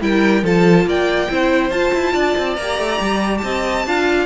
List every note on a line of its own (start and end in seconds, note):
0.00 0.43 G3
0.00 0.43 E4
0.00 0.44 A#4
0.00 0.45 G5
0.43 0.85 F3
0.43 1.28 F4
0.43 0.86 A4
0.43 0.88 A5
0.85 1.28 A#3
0.85 1.30 D5
0.85 1.70 G5
1.29 1.70 C4
1.29 1.71 E4
1.29 2.12 C5
1.70 1.92 F4
1.70 2.57 F4
1.70 2.55 A5
1.93 2.14 E4
2.12 2.35 D4
2.12 3.40 D5
2.37 2.57 C4
2.56 2.78 A#3
2.56 3.87 G4
2.56 3.37 A#5
2.78 2.99 A3
3.00 3.42 G3
3.37 3.86 C4
3.37 3.86 D#5
3.37 4.23 A5
3.86 4.26 D4
3.86 4.26 F4
3.86 4.26 F5